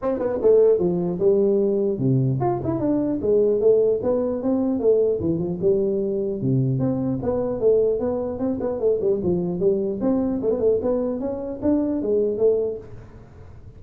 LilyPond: \new Staff \with { instrumentName = "tuba" } { \time 4/4 \tempo 4 = 150 c'8 b8 a4 f4 g4~ | g4 c4 f'8 e'8 d'4 | gis4 a4 b4 c'4 | a4 e8 f8 g2 |
c4 c'4 b4 a4 | b4 c'8 b8 a8 g8 f4 | g4 c'4 a16 b16 a8 b4 | cis'4 d'4 gis4 a4 | }